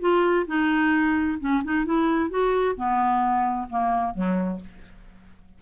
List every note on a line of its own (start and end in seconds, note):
0.00 0.46 F4
0.47 1.38 D#4
1.40 1.63 C#4
1.64 1.85 D#4
1.85 2.30 E4
2.30 2.76 F#4
2.76 3.68 B3
3.70 4.14 A#3
4.14 4.60 F#3